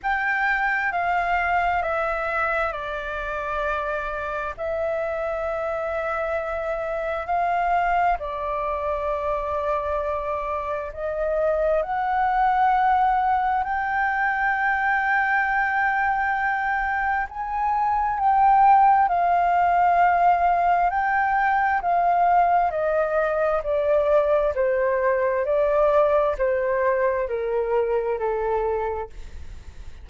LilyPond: \new Staff \with { instrumentName = "flute" } { \time 4/4 \tempo 4 = 66 g''4 f''4 e''4 d''4~ | d''4 e''2. | f''4 d''2. | dis''4 fis''2 g''4~ |
g''2. gis''4 | g''4 f''2 g''4 | f''4 dis''4 d''4 c''4 | d''4 c''4 ais'4 a'4 | }